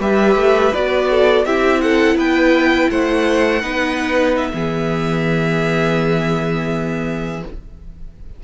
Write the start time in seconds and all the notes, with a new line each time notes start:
0.00 G3 G4 B4 E5
0.36 A3
0.75 B3 F#4 D5
1.10 A4
1.45 C4 E4 G4 E5
1.81 A4 F#5
2.16 B3 B4 G5
2.91 A3 C5 F#5
3.61 B3 D#4 B4
4.37 E5
4.54 E3 B3 G#4